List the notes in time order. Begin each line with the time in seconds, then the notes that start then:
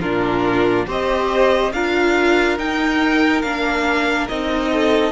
0.00 A#2 D4 F4 A#4
0.86 C4 G4 C5 D#5
1.72 D4 F4 A#4 F5
2.58 D#4 G5
3.41 A#3 D4 F5
4.28 C4 D#4 D#5
4.70 A4